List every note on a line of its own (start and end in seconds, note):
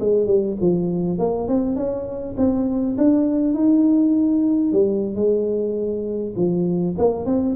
0.00 0.27 G#3
0.27 0.56 G3
0.60 1.18 F3
1.18 1.48 A#3
1.48 1.76 C4
1.76 2.35 C#4
2.37 2.96 C4
2.98 3.54 D4
3.54 4.73 D#4
4.73 5.15 G3
5.15 6.34 G#3
6.36 6.95 F3
6.98 7.26 A#3
7.26 7.55 C4